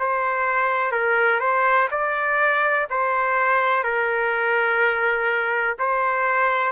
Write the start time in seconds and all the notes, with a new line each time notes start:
0.00 C5
0.92 A#4
1.40 C5
1.91 D5
2.90 C5
3.84 A#4
5.79 C5